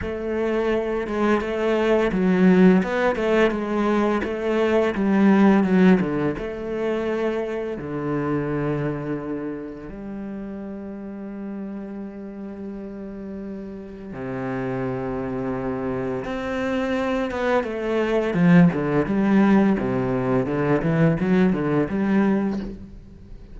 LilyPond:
\new Staff \with { instrumentName = "cello" } { \time 4/4 \tempo 4 = 85 a4. gis8 a4 fis4 | b8 a8 gis4 a4 g4 | fis8 d8 a2 d4~ | d2 g2~ |
g1 | c2. c'4~ | c'8 b8 a4 f8 d8 g4 | c4 d8 e8 fis8 d8 g4 | }